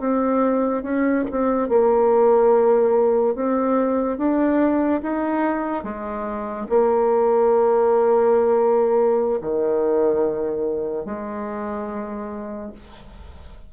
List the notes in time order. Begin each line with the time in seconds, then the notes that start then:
0.00 C4
0.83 C#4
1.31 C4
1.69 A#3
3.36 C4
4.18 D4
5.03 D#4
5.84 G#3
6.70 A#3
9.42 D#3
11.05 G#3